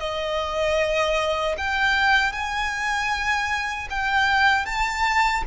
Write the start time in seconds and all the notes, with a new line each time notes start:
0.00 D#5
1.58 G5
2.32 G#5
3.90 G5
4.66 A5